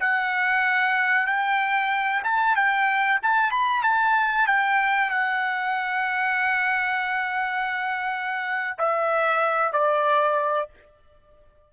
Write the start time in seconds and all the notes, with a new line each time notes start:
0.00 F#5
1.27 G5
2.24 A5
2.56 G5
3.23 A5
3.51 B5
3.84 A5
4.47 G5
5.11 F#5
8.79 E5
9.73 D5